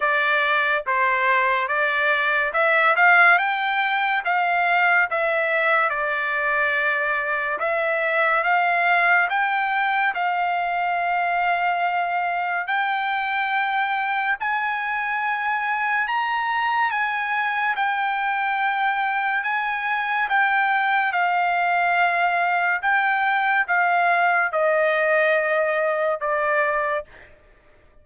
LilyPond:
\new Staff \with { instrumentName = "trumpet" } { \time 4/4 \tempo 4 = 71 d''4 c''4 d''4 e''8 f''8 | g''4 f''4 e''4 d''4~ | d''4 e''4 f''4 g''4 | f''2. g''4~ |
g''4 gis''2 ais''4 | gis''4 g''2 gis''4 | g''4 f''2 g''4 | f''4 dis''2 d''4 | }